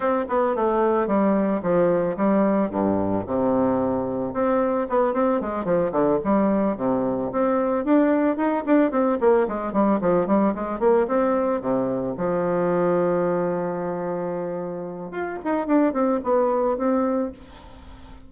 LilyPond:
\new Staff \with { instrumentName = "bassoon" } { \time 4/4 \tempo 4 = 111 c'8 b8 a4 g4 f4 | g4 g,4 c2 | c'4 b8 c'8 gis8 f8 d8 g8~ | g8 c4 c'4 d'4 dis'8 |
d'8 c'8 ais8 gis8 g8 f8 g8 gis8 | ais8 c'4 c4 f4.~ | f1 | f'8 dis'8 d'8 c'8 b4 c'4 | }